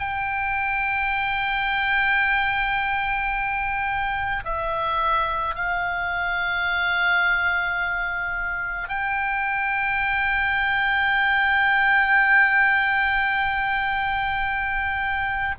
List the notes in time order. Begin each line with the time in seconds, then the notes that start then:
0.00 G5
4.45 E5
5.56 F5
8.89 G5